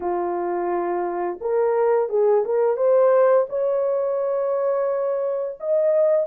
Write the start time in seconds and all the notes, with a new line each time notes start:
0.00 F4
1.40 A#4
2.09 G#4
2.45 A#4
2.77 C5
3.49 C#5
5.60 D#5